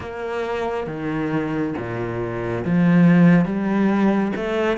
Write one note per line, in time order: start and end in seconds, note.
0.00 0.86 A#3
0.86 1.73 D#3
1.77 2.64 A#2
2.64 3.45 F3
3.45 4.32 G3
4.36 4.77 A3